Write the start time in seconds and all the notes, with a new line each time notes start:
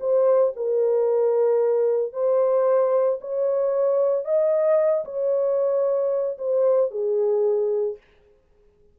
0.00 C5
0.56 A#4
2.13 C5
3.21 C#5
4.25 D#5
5.05 C#5
6.38 C5
6.91 G#4